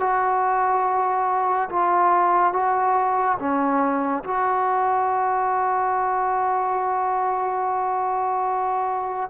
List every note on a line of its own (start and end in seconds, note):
0.00 1.69 F#4
1.69 2.53 F4
2.53 3.38 F#4
3.39 4.24 C#4
4.24 9.30 F#4